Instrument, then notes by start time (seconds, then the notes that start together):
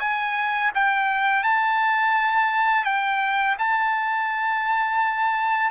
trumpet
0.00 G#5
0.75 G5
1.44 A5
2.85 G5
3.59 A5